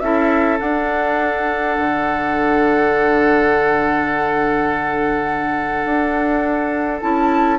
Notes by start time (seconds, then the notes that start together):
0.00 C#4 E4 A4 E5
0.59 D4 F#5
1.78 D3
5.85 D4
7.01 C#4 E4 A5